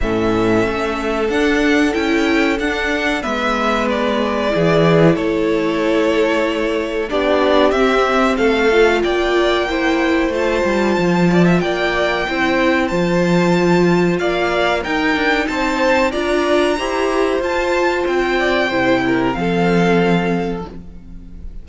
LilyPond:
<<
  \new Staff \with { instrumentName = "violin" } { \time 4/4 \tempo 4 = 93 e''2 fis''4 g''4 | fis''4 e''4 d''2 | cis''2. d''4 | e''4 f''4 g''2 |
a''2 g''2 | a''2 f''4 g''4 | a''4 ais''2 a''4 | g''2 f''2 | }
  \new Staff \with { instrumentName = "violin" } { \time 4/4 a'1~ | a'4 b'2 gis'4 | a'2. g'4~ | g'4 a'4 d''4 c''4~ |
c''4. d''16 e''16 d''4 c''4~ | c''2 d''4 ais'4 | c''4 d''4 c''2~ | c''8 d''8 c''8 ais'8 a'2 | }
  \new Staff \with { instrumentName = "viola" } { \time 4/4 cis'2 d'4 e'4 | d'4 b2 e'4~ | e'2. d'4 | c'4. f'4. e'4 |
f'2. e'4 | f'2. dis'4~ | dis'4 f'4 g'4 f'4~ | f'4 e'4 c'2 | }
  \new Staff \with { instrumentName = "cello" } { \time 4/4 a,4 a4 d'4 cis'4 | d'4 gis2 e4 | a2. b4 | c'4 a4 ais2 |
a8 g8 f4 ais4 c'4 | f2 ais4 dis'8 d'8 | c'4 d'4 e'4 f'4 | c'4 c4 f2 | }
>>